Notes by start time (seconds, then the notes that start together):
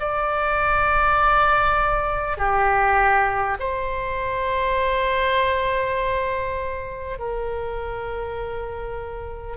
0.00 D5
2.37 G4
3.59 C5
7.18 A#4